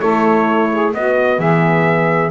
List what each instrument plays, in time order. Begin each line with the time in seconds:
0.00 double bass A3, horn E4, saxophone A4, trumpet C#5
0.72 saxophone G#4
0.94 double bass B3, horn B3, saxophone F#4, trumpet D#5
1.39 double bass E3, saxophone G#4, trumpet E5